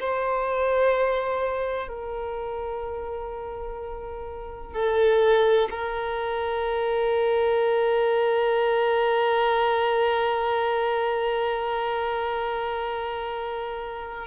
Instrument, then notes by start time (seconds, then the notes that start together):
violin
0.00 C5
1.89 A#4
4.74 A4
5.71 A#4